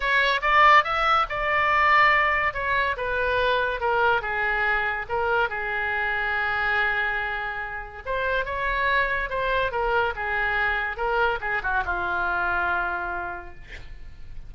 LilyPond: \new Staff \with { instrumentName = "oboe" } { \time 4/4 \tempo 4 = 142 cis''4 d''4 e''4 d''4~ | d''2 cis''4 b'4~ | b'4 ais'4 gis'2 | ais'4 gis'2.~ |
gis'2. c''4 | cis''2 c''4 ais'4 | gis'2 ais'4 gis'8 fis'8 | f'1 | }